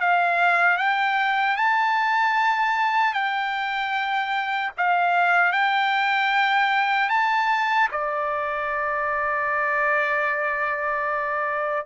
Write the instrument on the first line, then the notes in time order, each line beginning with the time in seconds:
trumpet
0.00 F5
0.78 G5
1.56 A5
3.14 G5
4.77 F5
5.52 G5
7.09 A5
7.91 D5